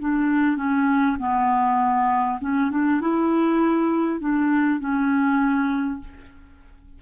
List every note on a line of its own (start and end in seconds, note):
0.00 0.57 D4
0.57 1.17 C#4
1.19 2.39 B3
2.41 2.71 C#4
2.71 3.01 D4
3.01 4.21 E4
4.21 4.80 D4
4.80 6.00 C#4